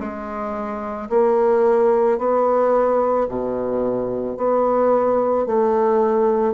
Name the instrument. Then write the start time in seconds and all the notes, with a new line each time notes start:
bassoon
0.00 G#3
1.10 A#3
2.19 B3
3.29 B2
4.37 B3
5.46 A3